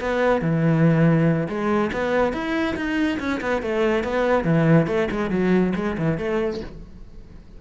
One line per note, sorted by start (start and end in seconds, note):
0.00 0.41 B3
0.41 1.48 E3
1.48 1.91 G#3
1.93 2.33 B3
2.33 2.75 E4
2.76 3.18 D#4
3.19 3.40 C#4
3.41 3.62 B3
3.62 4.04 A3
4.04 4.44 B3
4.44 4.87 E3
4.87 5.08 A3
5.11 5.30 G#3
5.30 5.73 F#3
5.75 5.97 G#3
5.98 6.18 E3
6.18 6.60 A3